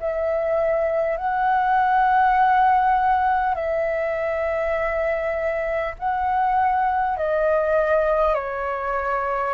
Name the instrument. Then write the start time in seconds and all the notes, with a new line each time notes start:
flute
0.00 E5
1.17 F#5
3.55 E5
5.99 F#5
7.17 D#5
8.34 C#5